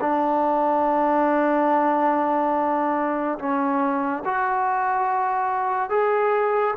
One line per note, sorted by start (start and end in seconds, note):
0.00 3.38 D4
3.38 4.23 C#4
4.24 5.89 F#4
5.89 6.74 G#4